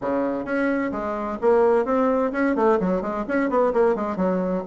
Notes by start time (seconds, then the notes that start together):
0.01 C#3
0.44 C#4
0.91 G#3
1.41 A#3
1.85 C4
2.32 C#4
2.55 A3
2.79 F#3
3.01 G#3
3.28 C#4
3.49 B3
3.73 A#3
3.95 G#3
4.16 F#3